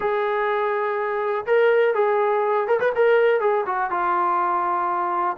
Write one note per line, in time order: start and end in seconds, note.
0.00 1.45 G#4
1.46 1.94 A#4
1.94 2.67 G#4
2.67 2.79 A#4
2.80 2.92 B4
2.95 3.40 A#4
3.40 3.65 G#4
3.66 3.90 F#4
3.90 5.36 F4